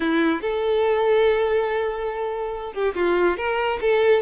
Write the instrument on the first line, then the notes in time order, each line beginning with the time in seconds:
violin
0.00 E4
0.41 A4
2.73 G4
2.94 F4
3.37 A#4
3.81 A4